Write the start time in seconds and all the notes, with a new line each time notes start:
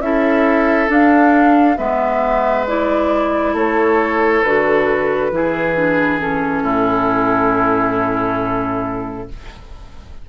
0.00 C#4 E4 A4 E5
0.89 D4 F5
1.78 G#3 B3 B4 E5
2.67 E4 D5
3.54 A3 A4 C#5
4.43 D3 F#4 B4
5.32 E3 E4 G#4
5.76 D4
6.20 C#4 A4
6.63 A2 E4